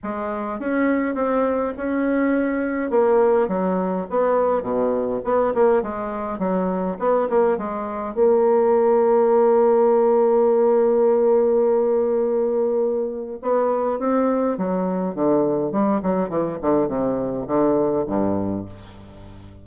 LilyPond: \new Staff \with { instrumentName = "bassoon" } { \time 4/4 \tempo 4 = 103 gis4 cis'4 c'4 cis'4~ | cis'4 ais4 fis4 b4 | b,4 b8 ais8 gis4 fis4 | b8 ais8 gis4 ais2~ |
ais1~ | ais2. b4 | c'4 fis4 d4 g8 fis8 | e8 d8 c4 d4 g,4 | }